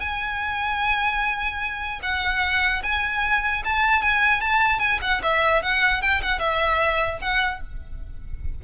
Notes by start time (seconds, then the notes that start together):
0.00 G#5
2.03 F#5
2.83 G#5
3.65 A5
4.02 G#5
4.41 A5
4.79 G#5
5.02 F#5
5.23 E5
5.63 F#5
6.02 G5
6.22 F#5
6.39 E5
7.21 F#5